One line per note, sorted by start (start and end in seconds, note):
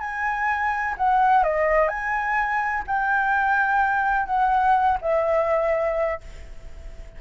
0.00 0.95 G#5
0.98 1.44 F#5
1.44 1.89 D#5
1.89 2.84 G#5
2.87 4.27 G5
4.27 4.98 F#5
5.02 6.21 E5